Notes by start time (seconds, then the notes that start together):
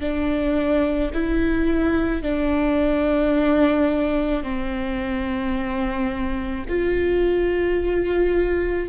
0.00 D4
1.14 E4
2.23 D4
4.43 C4
6.69 F4